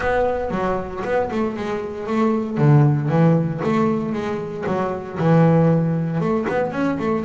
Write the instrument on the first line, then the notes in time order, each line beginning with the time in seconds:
double bass
0.00 B3
0.51 F#3
1.04 B3
1.31 A3
1.56 G#3
2.06 A3
2.57 D3
3.08 E3
3.63 A3
4.12 G#3
4.66 F#3
5.18 E3
6.20 A3
6.48 B3
6.72 C#4
6.99 A3